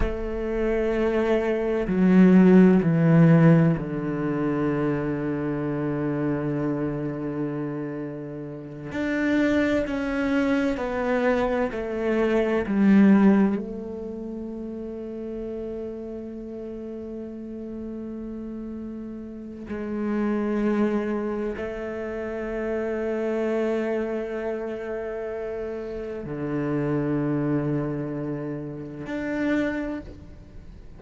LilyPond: \new Staff \with { instrumentName = "cello" } { \time 4/4 \tempo 4 = 64 a2 fis4 e4 | d1~ | d4. d'4 cis'4 b8~ | b8 a4 g4 a4.~ |
a1~ | a4 gis2 a4~ | a1 | d2. d'4 | }